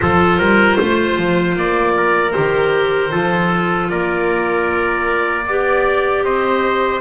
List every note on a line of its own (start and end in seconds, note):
0.00 0.38 F3
0.00 2.30 F4
0.00 0.38 A4
0.00 1.54 C5
0.38 0.77 G3
0.38 0.76 A#4
0.76 1.16 A3
0.76 1.93 C5
1.16 1.55 F3
1.55 2.33 A#3
1.55 2.31 D5
1.97 3.11 A#4
2.31 3.13 D#3
2.31 3.09 G4
2.31 3.87 C5
3.09 3.91 F3
3.09 5.43 F4
3.09 3.89 A4
3.89 5.47 A#3
3.89 5.46 A#4
3.89 6.23 D5
5.46 6.22 B3
5.46 7.00 G4
5.46 6.24 D5
6.22 7.00 C4
6.22 7.00 C5
6.22 7.00 D#5